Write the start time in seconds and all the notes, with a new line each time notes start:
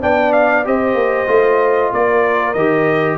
0.00 B3 D4 D5 G5
0.32 F5
0.64 C4 G4 C5 D#5
0.94 A#3
1.27 A3 F4
1.92 A#3 A#4 D5
2.53 D#3 G4 D#5